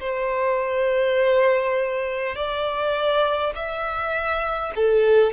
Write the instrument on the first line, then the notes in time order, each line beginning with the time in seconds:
violin
0.00 C5
2.36 D5
3.56 E5
4.76 A4